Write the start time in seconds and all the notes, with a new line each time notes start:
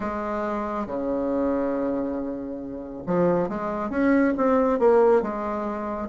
0.00 G#3
0.86 C#3
3.06 F3
3.48 G#3
3.90 C#4
4.37 C4
4.79 A#3
5.22 G#3